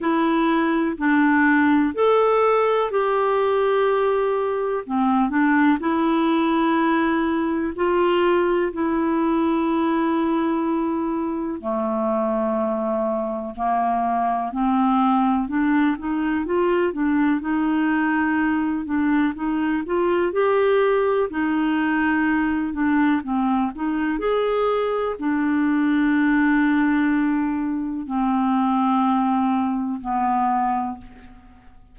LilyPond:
\new Staff \with { instrumentName = "clarinet" } { \time 4/4 \tempo 4 = 62 e'4 d'4 a'4 g'4~ | g'4 c'8 d'8 e'2 | f'4 e'2. | a2 ais4 c'4 |
d'8 dis'8 f'8 d'8 dis'4. d'8 | dis'8 f'8 g'4 dis'4. d'8 | c'8 dis'8 gis'4 d'2~ | d'4 c'2 b4 | }